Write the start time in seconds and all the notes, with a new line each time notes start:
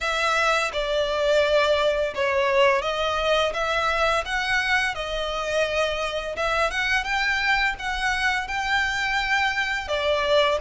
0.01 E5
0.73 D5
2.14 C#5
2.82 D#5
3.53 E5
4.25 F#5
4.94 D#5
6.36 E5
6.71 F#5
7.04 G5
7.78 F#5
8.47 G5
9.88 D5